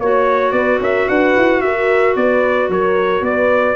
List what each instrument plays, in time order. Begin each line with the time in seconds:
0.00 tuba A#3, clarinet F#4, trumpet C#5, horn C#5
0.52 tuba B3, horn B4, trumpet D5
0.80 tuba C#4, horn A#4, trumpet E5
1.08 tuba D4, horn B4, trumpet F#5
1.37 tuba E4
1.61 tuba F#4, horn A#4, trumpet E5
2.16 tuba B3, horn B4, trumpet D5
2.70 tuba F#3, horn A#4, trumpet C#5
3.22 tuba B3, horn B4, trumpet D5